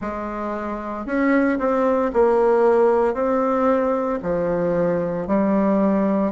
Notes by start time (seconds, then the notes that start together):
0.00 G#3
1.05 C#4
1.58 C4
2.13 A#3
3.13 C4
4.22 F3
5.27 G3